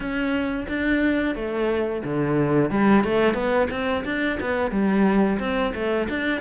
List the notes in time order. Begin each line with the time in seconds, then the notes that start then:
0.00 C#4
0.68 D4
1.35 A3
2.03 D3
2.70 G3
3.03 A3
3.34 B3
3.70 C4
4.04 D4
4.40 B3
4.71 G3
5.39 C4
5.74 A3
6.09 D4